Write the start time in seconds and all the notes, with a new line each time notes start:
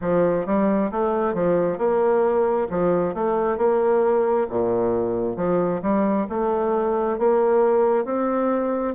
0.01 F3
0.46 G3
0.91 A3
1.34 F3
1.77 A#3
2.70 F3
3.14 A3
3.57 A#3
4.49 A#2
5.36 F3
5.82 G3
6.29 A3
7.18 A#3
8.04 C4